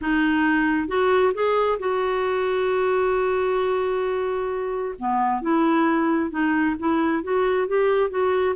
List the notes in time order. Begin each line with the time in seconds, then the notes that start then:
0.01 D#4
0.88 F#4
1.33 G#4
1.79 F#4
4.98 B3
5.41 E4
6.30 D#4
6.79 E4
7.23 F#4
7.67 G4
8.10 F#4